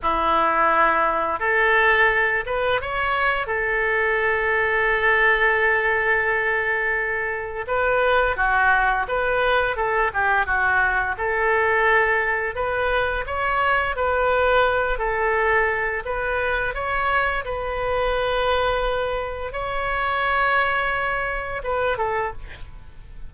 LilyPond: \new Staff \with { instrumentName = "oboe" } { \time 4/4 \tempo 4 = 86 e'2 a'4. b'8 | cis''4 a'2.~ | a'2. b'4 | fis'4 b'4 a'8 g'8 fis'4 |
a'2 b'4 cis''4 | b'4. a'4. b'4 | cis''4 b'2. | cis''2. b'8 a'8 | }